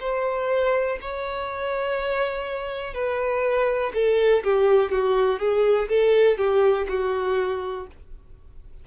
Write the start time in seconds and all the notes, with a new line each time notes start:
0.00 C5
1.01 C#5
2.94 B4
3.94 A4
4.44 G4
4.91 F#4
5.39 G#4
5.89 A4
6.38 G4
6.89 F#4